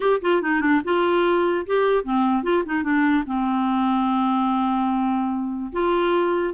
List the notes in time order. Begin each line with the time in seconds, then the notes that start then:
0.00 G4
0.21 F4
0.42 D#4
0.60 D4
0.84 F4
1.66 G4
2.04 C4
2.43 F4
2.65 D#4
2.83 D4
3.26 C4
5.72 F4